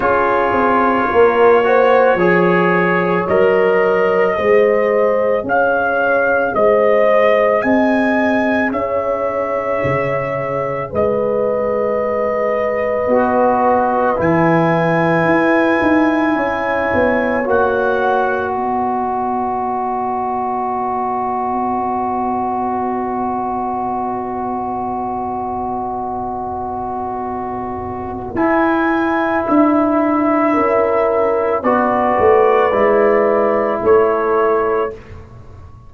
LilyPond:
<<
  \new Staff \with { instrumentName = "trumpet" } { \time 4/4 \tempo 4 = 55 cis''2. dis''4~ | dis''4 f''4 dis''4 gis''4 | e''2 dis''2~ | dis''4 gis''2. |
fis''4 dis''2.~ | dis''1~ | dis''2 gis''4 e''4~ | e''4 d''2 cis''4 | }
  \new Staff \with { instrumentName = "horn" } { \time 4/4 gis'4 ais'8 c''8 cis''2 | c''4 cis''4 c''4 dis''4 | cis''2 b'2~ | b'2. cis''4~ |
cis''4 b'2.~ | b'1~ | b'1 | ais'4 b'2 a'4 | }
  \new Staff \with { instrumentName = "trombone" } { \time 4/4 f'4. fis'8 gis'4 ais'4 | gis'1~ | gis'1 | fis'4 e'2. |
fis'1~ | fis'1~ | fis'2 e'2~ | e'4 fis'4 e'2 | }
  \new Staff \with { instrumentName = "tuba" } { \time 4/4 cis'8 c'8 ais4 f4 fis4 | gis4 cis'4 gis4 c'4 | cis'4 cis4 gis2 | b4 e4 e'8 dis'8 cis'8 b8 |
ais4 b2.~ | b1~ | b2 e'4 d'4 | cis'4 b8 a8 gis4 a4 | }
>>